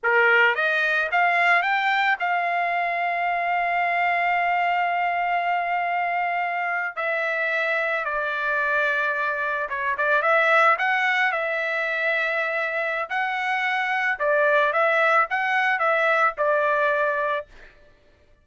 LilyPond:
\new Staff \with { instrumentName = "trumpet" } { \time 4/4 \tempo 4 = 110 ais'4 dis''4 f''4 g''4 | f''1~ | f''1~ | f''8. e''2 d''4~ d''16~ |
d''4.~ d''16 cis''8 d''8 e''4 fis''16~ | fis''8. e''2.~ e''16 | fis''2 d''4 e''4 | fis''4 e''4 d''2 | }